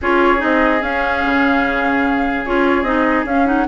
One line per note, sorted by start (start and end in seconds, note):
0.01 0.42 C#4
0.01 0.37 F4
0.01 3.67 G#4
0.01 0.42 C#5
0.37 0.82 C4
0.37 0.78 D#4
0.37 0.82 D#5
0.82 1.23 C#4
0.82 2.45 C#4
0.82 2.45 F5
1.24 2.45 C#3
2.45 2.82 C#4
2.45 2.85 F4
2.45 2.83 C#5
2.82 3.23 C4
2.82 3.25 D#4
2.82 3.24 D#5
3.25 3.65 C#4
3.25 3.46 C#4
3.25 3.46 F5
3.46 3.66 D#4
3.46 3.67 F#5